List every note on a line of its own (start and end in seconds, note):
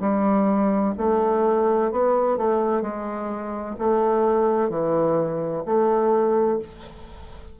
0.00 0.94 G3
0.98 1.91 A3
1.91 2.37 B3
2.37 2.82 A3
2.82 3.75 G#3
3.78 4.70 A3
4.70 5.63 E3
5.65 6.59 A3